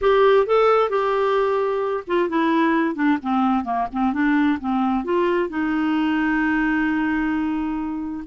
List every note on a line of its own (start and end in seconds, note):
0.01 0.46 G4
0.46 0.89 A4
0.89 2.04 G4
2.07 2.29 F4
2.29 2.95 E4
2.95 3.17 D4
3.22 3.64 C4
3.64 3.87 A#3
3.92 4.13 C4
4.13 4.59 D4
4.59 5.04 C4
5.04 5.49 F4
5.49 8.23 D#4